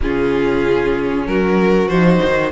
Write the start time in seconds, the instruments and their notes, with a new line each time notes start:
0.00 cello C#3, viola C#4, violin F4 G#4
1.26 cello F#3, violin F#4 A#4
1.87 cello F3, viola D#4, violin C5
2.24 cello D#3